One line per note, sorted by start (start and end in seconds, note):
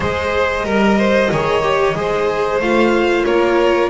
0.00 0.64 G#3
0.00 0.63 G#4
0.00 0.65 C5
0.00 2.61 D#5
0.63 1.29 G3
0.63 1.29 A#4
0.63 0.98 A#4
0.98 1.30 C5
1.31 1.94 D#3
1.31 1.62 G#4
1.31 1.97 C#5
1.62 1.94 G4
1.94 2.59 G#3
1.94 2.60 G#4
1.94 3.25 C5
2.59 3.24 A3
2.59 3.89 F4
2.59 3.25 F5
3.25 3.89 A#3
3.25 3.89 A#4
3.25 3.89 C#5